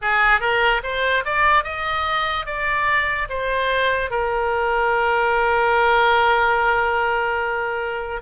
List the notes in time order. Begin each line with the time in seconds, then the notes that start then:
0.01 G#4
0.40 A#4
0.83 C5
1.24 D5
1.64 D#5
2.45 D5
3.29 C5
4.10 A#4